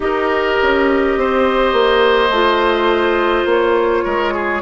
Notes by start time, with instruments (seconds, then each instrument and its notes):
0.00 bassoon D#4, clarinet G4, oboe A#4, flute D#5
0.62 bassoon C#4
1.17 bassoon C4, oboe C5
1.73 bassoon A#3
2.29 bassoon A3, clarinet F4
3.45 bassoon A#3, flute C#5
4.04 bassoon G#3, oboe A#4
4.33 oboe G#4